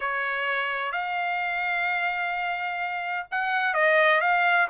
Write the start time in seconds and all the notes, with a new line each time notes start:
0.00 C#5
0.92 F5
3.31 F#5
3.74 D#5
4.20 F5